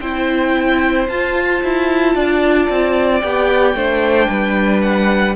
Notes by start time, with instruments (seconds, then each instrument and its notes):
0.00 cello C4, viola E4, violin C5 G5
1.08 cello F4, viola F4, violin A5
1.63 cello E4
2.15 cello D4, violin D5
2.69 cello C4
3.20 cello B3, viola G4, violin G5
3.74 cello A3, viola D4, violin C5
4.29 cello G3, violin B4
4.82 violin F#5